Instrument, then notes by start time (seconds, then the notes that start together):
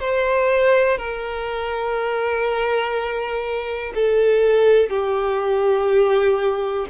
violin
0.00 C5
0.97 A#4
3.94 A4
4.89 G4